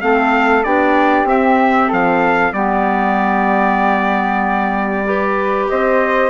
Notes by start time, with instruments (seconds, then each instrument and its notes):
0.00 bassoon A3, clarinet C4, flute A4, trumpet F5
0.63 bassoon B3, clarinet D4, flute G4, trumpet D5
1.24 bassoon C4, clarinet C4, trumpet E5
1.88 bassoon F3, flute A4, trumpet F5
2.52 bassoon G3, clarinet B3, flute G4, trumpet D5
5.05 clarinet G4, flute B4
5.69 bassoon C4, flute C5, trumpet D#5